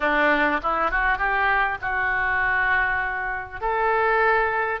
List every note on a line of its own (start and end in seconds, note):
0.00 0.60 D4
0.62 0.91 E4
0.91 1.18 F#4
1.18 1.78 G4
1.81 3.60 F#4
3.60 4.80 A4